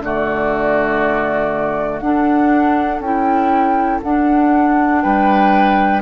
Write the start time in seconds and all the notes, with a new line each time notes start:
0.00 D3 A3 F#4 D5
2.00 D4 A4 F#5
3.00 C#4 E4 G5
4.03 D4 F#5
5.02 G3 B4 G5